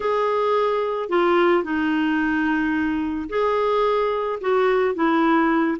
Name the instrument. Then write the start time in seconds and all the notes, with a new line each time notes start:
clarinet
0.00 G#4
1.09 F4
1.63 D#4
3.29 G#4
4.40 F#4
4.94 E4